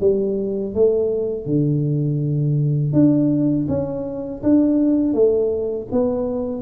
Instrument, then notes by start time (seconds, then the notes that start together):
tuba
0.00 G3
0.74 A3
1.45 D3
2.93 D4
3.68 C#4
4.42 D4
5.13 A3
5.92 B3